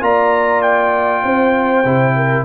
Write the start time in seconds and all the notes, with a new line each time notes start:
0.00 A#3 F4 D5 A#5
0.62 G5
1.23 C4 C5
1.84 C3 E4
2.15 A#4